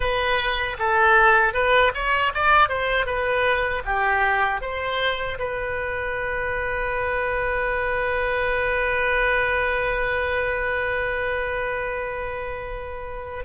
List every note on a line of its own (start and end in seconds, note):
0.00 0.77 B4
0.78 1.53 A4
1.53 1.92 B4
1.94 2.33 C#5
2.34 2.69 D5
2.69 3.06 C5
3.06 3.83 B4
3.85 4.61 G4
4.61 5.38 C5
5.38 13.44 B4